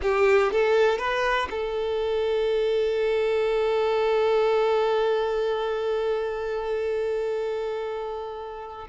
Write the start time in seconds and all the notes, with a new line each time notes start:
0.02 G4
0.52 A4
0.98 B4
1.50 A4